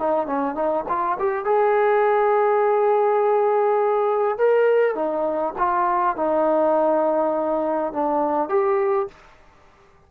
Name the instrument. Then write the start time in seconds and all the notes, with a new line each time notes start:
trombone
0.00 D#4
0.27 C#4
0.55 D#4
0.89 F4
1.19 G4
1.45 G#4
4.38 A#4
4.95 D#4
5.59 F4
6.17 D#4
7.93 D4
8.49 G4